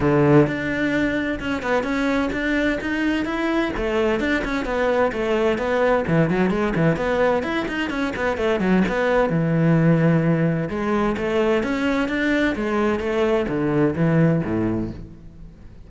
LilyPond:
\new Staff \with { instrumentName = "cello" } { \time 4/4 \tempo 4 = 129 d4 d'2 cis'8 b8 | cis'4 d'4 dis'4 e'4 | a4 d'8 cis'8 b4 a4 | b4 e8 fis8 gis8 e8 b4 |
e'8 dis'8 cis'8 b8 a8 fis8 b4 | e2. gis4 | a4 cis'4 d'4 gis4 | a4 d4 e4 a,4 | }